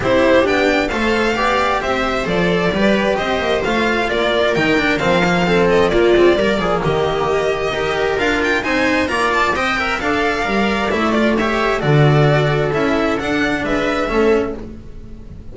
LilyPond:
<<
  \new Staff \with { instrumentName = "violin" } { \time 4/4 \tempo 4 = 132 c''4 g''4 f''2 | e''4 d''2 dis''4 | f''4 d''4 g''4 f''4~ | f''8 dis''8 d''2 dis''4~ |
dis''2 f''8 g''8 gis''4 | ais''8 a''8 g''4 f''2 | e''8 d''8 e''4 d''2 | e''4 fis''4 e''2 | }
  \new Staff \with { instrumentName = "viola" } { \time 4/4 g'2 c''4 d''4 | c''2 b'4 c''4~ | c''4 ais'2. | a'4 f'4 ais'8 gis'8 g'4~ |
g'4 ais'2 c''4 | d''4 dis''8 e''8 d''2~ | d''4 cis''4 a'2~ | a'2 b'4 a'4 | }
  \new Staff \with { instrumentName = "cello" } { \time 4/4 e'4 d'4 a'4 g'4~ | g'4 a'4 g'2 | f'2 dis'8 d'8 c'8 ais8 | c'4 ais8 c'8 ais2~ |
ais4 g'4 f'4 dis'4 | f'4 c''8 ais'8 a'4 ais'4 | e'8 f'8 g'4 fis'2 | e'4 d'2 cis'4 | }
  \new Staff \with { instrumentName = "double bass" } { \time 4/4 c'4 b4 a4 b4 | c'4 f4 g4 c'8 ais8 | a4 ais4 dis4 f4~ | f4 ais8 gis8 g8 f8 dis4~ |
dis4 dis'4 d'4 c'4 | ais4 c'4 d'4 g4 | a2 d2 | cis'4 d'4 gis4 a4 | }
>>